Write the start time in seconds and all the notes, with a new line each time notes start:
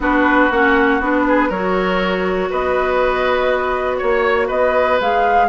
0.00 B3 D4 F#4 B4
0.50 A#3 C#4 F#5
1.00 B3 D4 B4
1.28 G#4
1.49 F#3 F#4 A#4 C#5
2.50 B3 B4 D#5
3.97 A#3 C#5
4.47 B3 B4 D#5
5.00 G#3 G#4 F5